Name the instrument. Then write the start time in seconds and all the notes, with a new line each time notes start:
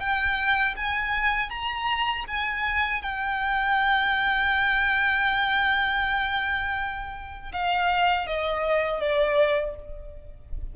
violin
0.00 G5
0.77 G#5
1.50 A#5
2.28 G#5
3.02 G5
7.53 F5
8.27 D#5
9.01 D5